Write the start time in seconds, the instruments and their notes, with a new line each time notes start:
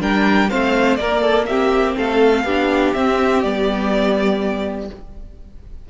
0.00 cello G3, viola D4, violin A#4 G5
0.50 cello A3, viola C4, violin C5 F5
0.97 cello A#3, viola A#3, violin A#4 D5
1.22 violin A4
1.46 viola C4, violin G4 E5
1.97 cello A3, violin A4 F5
2.45 cello B3, viola D4, violin G4
2.94 cello C4, viola C4, violin E5
3.43 cello G3, viola B3, violin D5